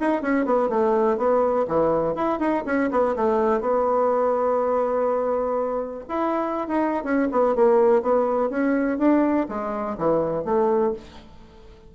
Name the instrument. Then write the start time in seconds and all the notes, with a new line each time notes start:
bassoon
0.00 D#4
0.22 C#4
0.45 B3
0.69 A3
1.17 B3
1.67 E3
2.15 E4
2.39 D#4
2.66 C#4
2.91 B3
3.16 A3
3.60 B3
6.09 E4
6.68 D#4
7.04 C#4
7.31 B3
7.55 A#3
8.02 B3
8.49 C#4
8.98 D4
9.49 G#3
9.98 E3
10.44 A3